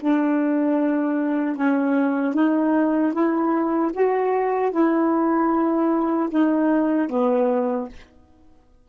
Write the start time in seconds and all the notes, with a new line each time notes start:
0.00 D4
1.55 C#4
2.34 D#4
3.13 E4
3.92 F#4
4.71 E4
6.29 D#4
7.09 B3